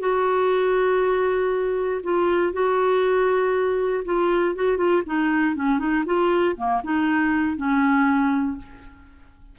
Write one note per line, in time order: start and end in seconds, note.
0.00 2.02 F#4
2.04 2.53 F4
2.53 4.05 F#4
4.05 4.56 F4
4.56 4.78 F#4
4.78 5.03 F4
5.06 5.56 D#4
5.56 5.79 C#4
5.79 6.05 D#4
6.06 6.56 F4
6.57 6.82 A#3
6.84 7.57 D#4
7.57 8.58 C#4